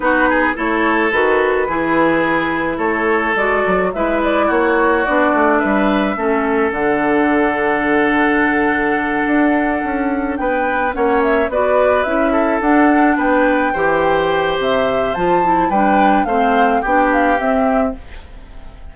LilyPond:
<<
  \new Staff \with { instrumentName = "flute" } { \time 4/4 \tempo 4 = 107 b'4 cis''4 b'2~ | b'4 cis''4 d''4 e''8 d''8 | cis''4 d''4 e''2 | fis''1~ |
fis''2~ fis''8 g''4 fis''8 | e''8 d''4 e''4 fis''4 g''8~ | g''2 e''4 a''4 | g''4 f''4 g''8 f''8 e''4 | }
  \new Staff \with { instrumentName = "oboe" } { \time 4/4 fis'8 gis'8 a'2 gis'4~ | gis'4 a'2 b'4 | fis'2 b'4 a'4~ | a'1~ |
a'2~ a'8 b'4 cis''8~ | cis''8 b'4. a'4. b'8~ | b'8 c''2.~ c''8 | b'4 c''4 g'2 | }
  \new Staff \with { instrumentName = "clarinet" } { \time 4/4 dis'4 e'4 fis'4 e'4~ | e'2 fis'4 e'4~ | e'4 d'2 cis'4 | d'1~ |
d'2.~ d'8 cis'8~ | cis'8 fis'4 e'4 d'4.~ | d'8 g'2~ g'8 f'8 e'8 | d'4 c'4 d'4 c'4 | }
  \new Staff \with { instrumentName = "bassoon" } { \time 4/4 b4 a4 dis4 e4~ | e4 a4 gis8 fis8 gis4 | ais4 b8 a8 g4 a4 | d1~ |
d8 d'4 cis'4 b4 ais8~ | ais8 b4 cis'4 d'4 b8~ | b8 e4. c4 f4 | g4 a4 b4 c'4 | }
>>